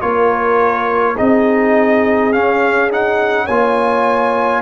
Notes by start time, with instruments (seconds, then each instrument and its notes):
0.00 tuba A#3, trombone F4, horn A#4, trumpet C#5
1.15 tuba C4, trombone D#4, horn G#4, trumpet D#5
2.32 trombone C#4, tuba C#4, trumpet F5
2.90 trombone D#4, trumpet F#5
3.44 tuba A#3, trombone F4, horn C#5, trumpet G#5